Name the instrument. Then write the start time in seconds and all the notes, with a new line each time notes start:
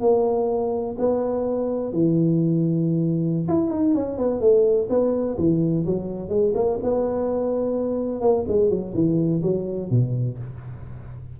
tuba
0.00 A#3
0.98 B3
1.92 E3
3.48 E4
3.70 D#4
3.94 C#4
4.18 B3
4.40 A3
4.89 B3
5.37 E3
5.85 F#3
6.29 G#3
6.54 A#3
6.83 B3
8.21 A#3
8.47 G#3
8.69 F#3
8.94 E3
9.42 F#3
9.90 B2